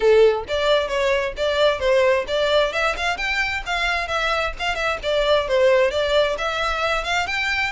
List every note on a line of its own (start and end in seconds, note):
0.00 0.44 A4
0.48 0.88 D5
0.88 1.33 C#5
1.36 1.79 D5
1.79 2.25 C5
2.27 2.73 D5
2.73 2.95 E5
2.96 3.17 F5
3.17 3.62 G5
3.66 4.07 F5
4.07 4.52 E5
4.59 4.75 F5
4.75 4.98 E5
5.02 5.48 D5
5.48 5.90 C5
5.90 6.36 D5
6.37 7.04 E5
7.04 7.26 F5
7.26 7.72 G5